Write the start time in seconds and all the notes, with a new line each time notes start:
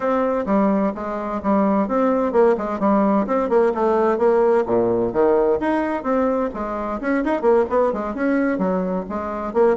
0.00 C4
0.46 G3
0.94 G#3
1.42 G3
1.87 C4
2.32 A#3
2.57 G#3
2.79 G3
3.26 C4
3.49 A#3
3.74 A3
4.18 A#3
4.66 A#2
5.12 D#3
5.59 D#4
6.03 C4
6.54 G#3
7.00 C#4
7.24 D#4
7.41 A#3
7.69 B3
7.93 G#3
8.14 C#4
8.58 F#3
9.09 G#3
9.53 A#3